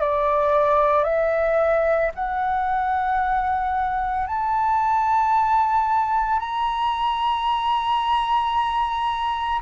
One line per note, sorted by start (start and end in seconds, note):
0.00 1.04 D5
1.04 2.11 E5
2.14 4.27 F#5
4.27 6.39 A5
6.39 9.61 A#5